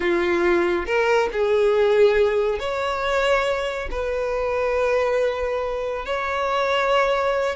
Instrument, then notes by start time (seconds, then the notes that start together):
violin
0.00 F4
0.86 A#4
1.32 G#4
2.59 C#5
3.90 B4
6.05 C#5